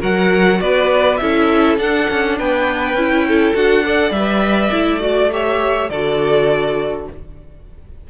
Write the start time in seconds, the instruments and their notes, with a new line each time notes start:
0.00 cello F#3, viola F#4, violin A#4 F#5
0.60 cello B3, violin B4 D5
1.17 cello C#4, viola E4, violin A4 E5
1.77 cello D4, viola D4, violin F#5
2.09 cello C#4
2.38 cello B3, violin B4 G5
2.94 cello C#4, viola E4
3.28 violin A4
3.54 cello D4, viola F#4, violin F#5
3.84 viola A4, violin D5
4.10 cello G3, viola B4, violin E5
4.70 cello A3, viola E4
5.00 viola F#4, violin D5
5.31 viola G4, violin C#5 E5
5.89 cello D3, viola F#4, violin A4 D5